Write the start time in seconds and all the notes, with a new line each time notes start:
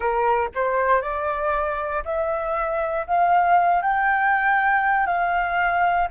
0.00 A#4
0.55 C5
1.01 D5
2.04 E5
3.06 F5
3.81 G5
5.06 F5